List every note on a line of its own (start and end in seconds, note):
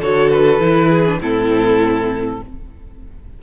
0.00 0.59 D3
0.00 0.60 F#4
0.00 0.89 A4
0.00 0.30 C#5
0.30 1.20 B4
0.59 1.19 E3
0.59 1.05 E4
0.89 1.19 G#4
1.06 1.22 D4
1.21 2.41 A2
1.21 2.42 C4
1.21 2.42 E4
1.21 2.43 A4